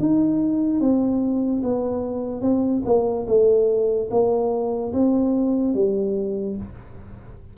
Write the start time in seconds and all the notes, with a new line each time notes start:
0.00 D#4
0.80 C4
1.63 B3
2.42 C4
2.85 A#3
3.27 A3
4.11 A#3
4.93 C4
5.74 G3